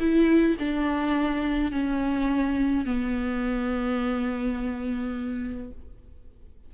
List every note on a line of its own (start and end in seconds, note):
0.00 0.57 E4
0.59 1.72 D4
1.72 2.86 C#4
2.86 5.71 B3